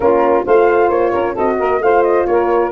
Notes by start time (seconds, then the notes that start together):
0.00 A#3 C#4 F4 A#4
0.45 A3 F4 C5 F5
0.89 A#3 C#5
1.12 C#4 A#4
1.33 C4 F#4 A4 D#5
1.58 A#3 A#4
1.79 A3 F4 C5 F5
2.03 D#5
2.25 A#3 A#4 C#5